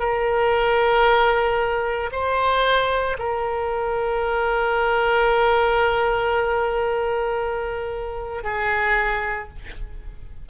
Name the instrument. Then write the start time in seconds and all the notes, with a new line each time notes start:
oboe
0.00 A#4
2.12 C5
3.19 A#4
8.44 G#4